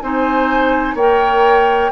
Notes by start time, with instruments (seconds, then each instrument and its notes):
0.00 bassoon C4, clarinet D#4, oboe C5, flute G#5
0.95 bassoon A#3, clarinet A#4, oboe C#5, flute G5